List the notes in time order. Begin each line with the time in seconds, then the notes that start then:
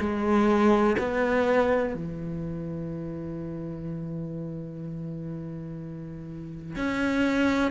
0.00 G#3
0.99 B3
1.94 E3
6.76 C#4